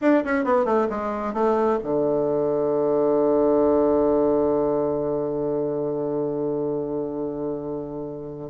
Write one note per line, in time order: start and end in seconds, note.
0.01 0.23 D4
0.24 0.44 C#4
0.44 0.65 B3
0.65 0.87 A3
0.89 1.33 G#3
1.33 1.78 A3
1.83 8.50 D3